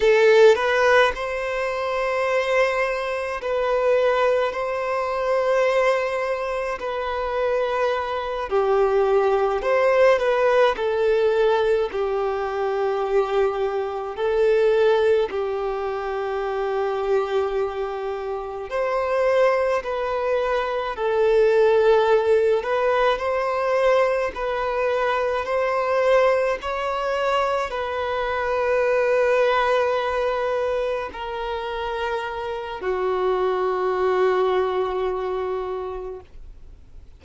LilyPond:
\new Staff \with { instrumentName = "violin" } { \time 4/4 \tempo 4 = 53 a'8 b'8 c''2 b'4 | c''2 b'4. g'8~ | g'8 c''8 b'8 a'4 g'4.~ | g'8 a'4 g'2~ g'8~ |
g'8 c''4 b'4 a'4. | b'8 c''4 b'4 c''4 cis''8~ | cis''8 b'2. ais'8~ | ais'4 fis'2. | }